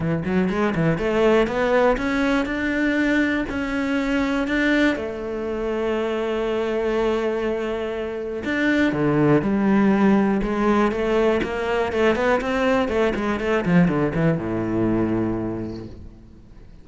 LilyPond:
\new Staff \with { instrumentName = "cello" } { \time 4/4 \tempo 4 = 121 e8 fis8 gis8 e8 a4 b4 | cis'4 d'2 cis'4~ | cis'4 d'4 a2~ | a1~ |
a4 d'4 d4 g4~ | g4 gis4 a4 ais4 | a8 b8 c'4 a8 gis8 a8 f8 | d8 e8 a,2. | }